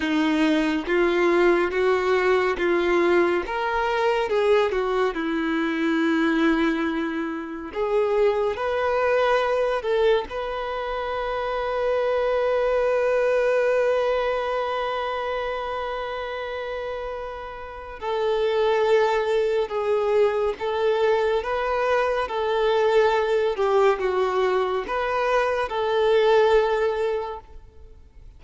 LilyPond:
\new Staff \with { instrumentName = "violin" } { \time 4/4 \tempo 4 = 70 dis'4 f'4 fis'4 f'4 | ais'4 gis'8 fis'8 e'2~ | e'4 gis'4 b'4. a'8 | b'1~ |
b'1~ | b'4 a'2 gis'4 | a'4 b'4 a'4. g'8 | fis'4 b'4 a'2 | }